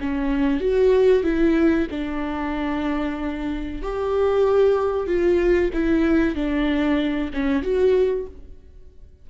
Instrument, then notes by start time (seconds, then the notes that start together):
viola
0.00 C#4
0.61 F#4
1.24 E4
1.91 D4
3.82 G4
5.07 F4
5.73 E4
6.35 D4
7.33 C#4
7.63 F#4